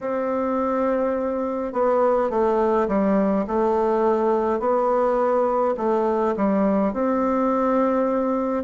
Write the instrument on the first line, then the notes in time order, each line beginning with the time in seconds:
bassoon
0.00 C4
1.73 B3
2.30 A3
2.87 G3
3.47 A3
4.59 B3
5.77 A3
6.36 G3
6.93 C4